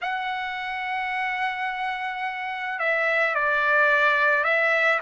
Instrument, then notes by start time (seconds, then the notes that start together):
trumpet
0.02 F#5
2.79 E5
3.34 D5
4.44 E5